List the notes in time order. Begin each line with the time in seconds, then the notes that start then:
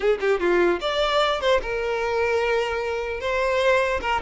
0.00 G#4
0.20 G4
0.40 F4
0.80 D5
1.40 C5
1.62 A#4
3.20 C5
4.01 A#4